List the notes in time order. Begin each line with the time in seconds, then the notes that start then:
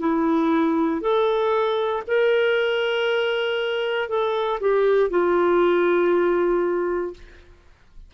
0.00 E4
1.01 A4
2.08 A#4
4.09 A4
4.60 G4
5.10 F4